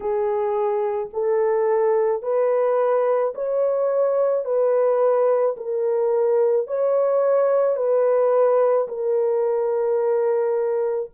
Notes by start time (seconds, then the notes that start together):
0.00 G#4
1.13 A4
2.22 B4
3.34 C#5
4.44 B4
5.57 A#4
6.67 C#5
7.76 B4
8.88 A#4